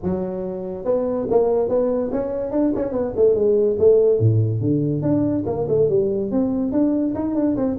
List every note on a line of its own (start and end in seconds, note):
0.02 0.84 F#3
0.84 1.26 B3
1.30 1.68 A#3
1.68 2.10 B3
2.12 2.51 C#4
2.51 2.72 D4
2.75 2.92 C#4
2.92 3.13 B3
3.16 3.35 A3
3.35 3.76 G#3
3.78 4.19 A3
4.19 4.61 A2
4.61 5.02 D3
5.02 5.44 D4
5.46 5.67 A#3
5.68 5.89 A3
5.89 6.31 G3
6.31 6.72 C4
6.72 7.13 D4
7.15 7.34 D#4
7.34 7.55 D4
7.56 7.77 C4